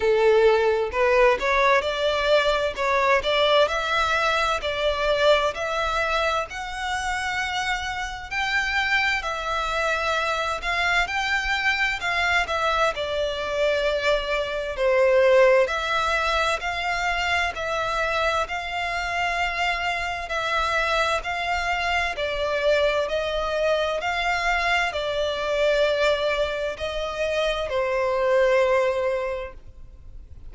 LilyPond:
\new Staff \with { instrumentName = "violin" } { \time 4/4 \tempo 4 = 65 a'4 b'8 cis''8 d''4 cis''8 d''8 | e''4 d''4 e''4 fis''4~ | fis''4 g''4 e''4. f''8 | g''4 f''8 e''8 d''2 |
c''4 e''4 f''4 e''4 | f''2 e''4 f''4 | d''4 dis''4 f''4 d''4~ | d''4 dis''4 c''2 | }